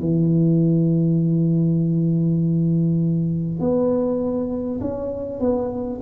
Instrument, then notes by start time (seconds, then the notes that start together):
tuba
0.00 E3
3.60 B3
4.81 C#4
5.40 B3